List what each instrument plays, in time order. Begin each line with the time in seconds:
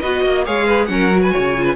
0.00 cello B3, viola F#4, violin B4 D#5
0.23 cello A#3, violin D#5
0.45 cello G#3, viola G#4, violin C#5 F5
0.66 violin B4
0.87 cello F#3, viola C#4, violin A#4 F#5
1.11 viola F#4
1.22 violin B4 G#5
1.32 cello C#3, violin C#5
1.58 viola F4
1.65 violin B4